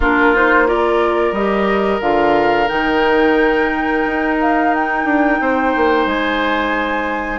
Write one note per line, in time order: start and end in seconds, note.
0.00 1.32 A#3
0.00 0.34 D4
0.00 0.67 F4
0.00 0.36 A#4
0.34 0.66 D#4
0.34 0.67 C5
0.66 1.34 F4
0.66 5.39 A#4
0.66 1.33 D5
1.32 1.99 G3
1.32 2.01 G4
1.32 2.00 D#5
2.00 2.67 D3
2.00 2.67 F4
2.00 2.68 F5
2.67 4.05 D#3
2.67 7.39 D#4
2.67 4.37 G5
4.05 5.04 D#4
4.40 4.74 F5
4.74 6.07 G5
5.04 5.38 D4
5.40 5.74 C4
5.40 7.39 C5
5.76 6.06 A#3
6.06 7.39 G#3
6.06 7.39 G#5